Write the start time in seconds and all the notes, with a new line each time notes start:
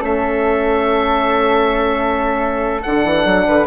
0.00 A3 C#4 A4 E5
2.83 D3 D4 F#5
3.05 E3
3.26 F#3
3.47 D3 B4